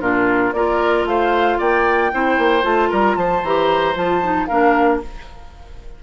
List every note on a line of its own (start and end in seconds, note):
0.00 0.53 A#2
0.00 0.53 D4
0.00 0.53 F4
0.00 0.53 A#4
0.53 1.04 A#3
0.53 2.12 F4
0.53 1.08 A#4
0.53 1.05 D5
1.04 1.57 A3
1.04 1.58 C5
1.04 1.59 F5
1.58 2.13 A#3
1.58 2.11 D5
1.58 2.64 G5
2.12 2.38 C4
2.12 2.62 E4
2.12 2.89 C5
2.38 2.63 A#3
2.62 2.90 A3
2.62 3.41 F4
2.62 2.90 A5
2.89 3.16 G3
2.89 3.16 A#4
2.89 3.17 A#5
3.16 3.42 F3
3.16 4.48 C5
3.16 3.43 A5
3.43 3.96 E3
3.43 3.95 G4
3.43 3.96 A#5
3.95 4.48 F3
3.95 4.21 F4
3.95 4.46 A5
4.22 4.48 D#4
4.46 5.03 A#3
4.46 5.02 D4
4.46 5.00 A#4
4.46 4.99 F5